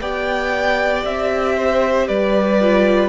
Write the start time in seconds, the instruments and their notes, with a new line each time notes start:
0.00 cello B3, viola G4, violin D5 G5
1.05 cello C4, violin E5
1.56 violin C5
2.07 cello G3, violin B4 D5
2.60 viola F4